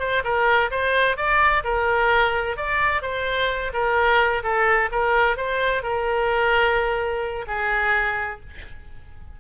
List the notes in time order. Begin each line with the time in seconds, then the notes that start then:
0.00 C5
0.24 A#4
0.71 C5
1.17 D5
1.64 A#4
2.57 D5
3.03 C5
3.74 A#4
4.44 A4
4.92 A#4
5.37 C5
5.83 A#4
7.47 G#4